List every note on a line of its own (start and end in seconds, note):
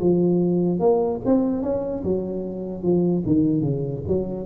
0.00 0.80 F3
0.80 1.20 A#3
1.25 1.63 C4
1.63 2.03 C#4
2.03 2.83 F#3
2.83 3.23 F3
3.26 3.61 D#3
3.61 4.01 C#3
4.08 4.46 F#3